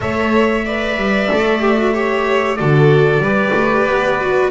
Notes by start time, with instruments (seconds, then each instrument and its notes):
0.00 double bass A3, viola A4, violin C#5, trumpet E5
0.65 viola B4, violin D5
0.96 double bass G3
1.29 double bass A3, viola A4
1.60 viola G4
1.77 viola F#4
1.93 viola G4, violin C#5
2.55 double bass D3, viola F#4, violin A4, trumpet D5
3.19 double bass G3, viola G4, violin B4
3.53 double bass A3
3.86 double bass B3
4.20 viola F#4